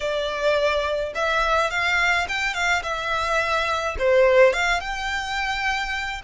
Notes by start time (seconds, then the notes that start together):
0.00 D5
1.14 E5
1.70 F5
2.28 G5
2.54 F5
2.83 E5
3.98 C5
4.53 F5
4.80 G5